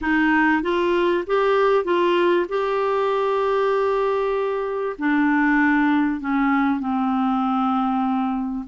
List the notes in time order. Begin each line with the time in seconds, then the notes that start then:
0.01 D#4
0.62 F4
1.27 G4
1.84 F4
2.49 G4
4.98 D4
6.20 C#4
6.79 C4